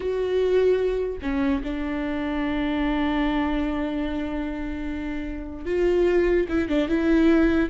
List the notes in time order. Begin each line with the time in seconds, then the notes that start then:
0.00 F#4
1.22 C#4
1.63 D4
5.65 F4
6.48 E4
6.68 D4
6.88 E4